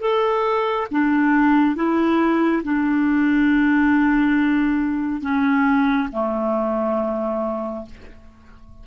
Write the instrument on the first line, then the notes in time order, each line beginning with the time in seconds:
clarinet
0.00 A4
0.91 D4
1.75 E4
2.63 D4
5.21 C#4
6.11 A3